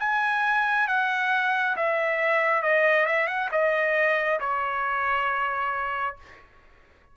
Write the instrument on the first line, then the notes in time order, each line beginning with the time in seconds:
trumpet
0.00 G#5
0.88 F#5
1.77 E5
2.63 D#5
3.07 E5
3.28 F#5
3.52 D#5
4.40 C#5